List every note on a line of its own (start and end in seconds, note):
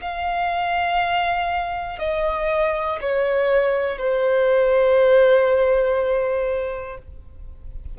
0.00 1.99 F5
1.99 2.99 D#5
3.01 3.98 C#5
3.98 6.98 C5